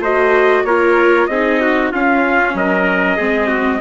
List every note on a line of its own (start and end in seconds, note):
0.00 0.63 A3
0.00 0.67 F#4
0.00 0.64 C5
0.00 0.65 D#5
0.64 1.27 A#3
0.64 1.30 F4
0.64 1.30 A#4
0.64 1.27 C#5
1.27 1.91 C4
1.27 1.93 D#4
1.27 1.60 G#4
1.27 1.90 D#5
1.60 1.92 F#4
1.92 3.19 C#4
1.92 2.54 C#4
1.92 2.55 F4
1.92 2.56 F5
2.54 3.17 F#3
2.54 3.16 A#4
2.54 3.80 D#5
3.16 3.80 G#3
3.16 3.80 C4
3.16 3.47 G#4
3.47 3.79 F#4